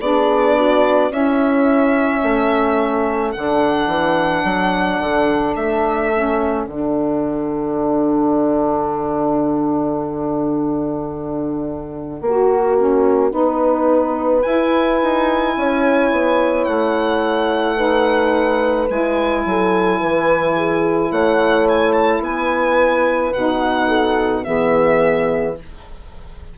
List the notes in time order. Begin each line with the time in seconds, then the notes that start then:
0.00 B3 D4 G#4 D5
0.57 F#4
1.10 C#4 E4 E5
2.22 A3 A4
3.31 D3 D4 F#5
3.87 E3
4.44 F#3
5.00 D3
5.56 A3 E5
6.13 C#4
6.67 D3 D4 F#5
12.21 A#3 F#4
12.78 C#4
13.30 B3 D#4 B4
14.43 E4 G#5
15.02 D#4
15.57 C#4 C#5
16.11 B3
16.64 A3 F#5
17.76 D#4 B4
18.88 G#3 E4 G#5
19.45 F#3 A4
20.00 E3 B4
20.57 G#4
21.11 A3 C#5 F#5
21.69 G#5
21.93 A5
22.21 B3 B4 G#5
23.33 B2 D#4 F#5
23.88 A4
24.44 E3 B3 G#4 E5